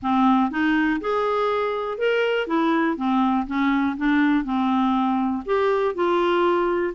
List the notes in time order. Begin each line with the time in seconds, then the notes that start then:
0.02 C4
0.50 D#4
1.00 G#4
1.97 A#4
2.47 E4
2.96 C4
3.46 C#4
3.97 D4
4.44 C4
5.45 G4
5.94 F4